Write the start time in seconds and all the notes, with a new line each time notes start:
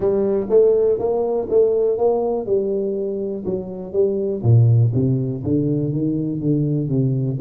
0.00 G3
0.49 A3
0.98 A#3
1.49 A3
1.97 A#3
2.45 G3
3.45 F#3
3.93 G3
4.43 A#2
4.94 C3
5.43 D3
5.92 D#3
6.39 D3
6.88 C3